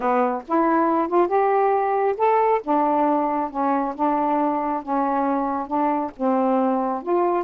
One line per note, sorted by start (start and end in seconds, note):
0.00 0.42 B3
0.47 1.08 E4
1.08 1.27 F4
1.27 2.15 G4
2.17 2.61 A4
2.63 3.50 D4
3.50 3.94 C#4
3.95 4.82 D4
4.82 5.67 C#4
5.67 6.11 D4
6.16 7.03 C4
7.03 7.44 F4